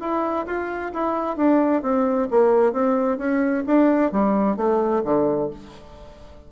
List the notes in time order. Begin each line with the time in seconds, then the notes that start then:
0.00 E4
0.46 F4
0.93 E4
1.36 D4
1.82 C4
2.30 A#3
2.72 C4
3.18 C#4
3.66 D4
4.11 G3
4.57 A3
5.04 D3